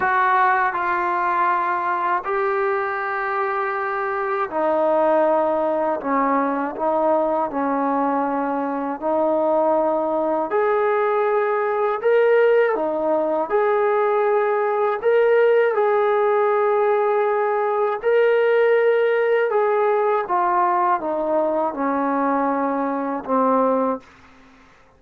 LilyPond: \new Staff \with { instrumentName = "trombone" } { \time 4/4 \tempo 4 = 80 fis'4 f'2 g'4~ | g'2 dis'2 | cis'4 dis'4 cis'2 | dis'2 gis'2 |
ais'4 dis'4 gis'2 | ais'4 gis'2. | ais'2 gis'4 f'4 | dis'4 cis'2 c'4 | }